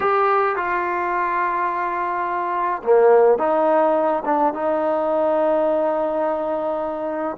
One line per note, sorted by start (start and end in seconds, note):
0.00 0.56 G4
0.56 2.82 F4
2.83 3.38 A#3
3.38 4.23 D#4
4.25 4.53 D4
4.53 7.36 D#4